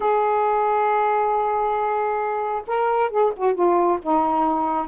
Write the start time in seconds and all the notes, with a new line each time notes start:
0.00 G#4
2.67 A#4
3.10 G#4
3.36 F#4
3.54 F4
4.02 D#4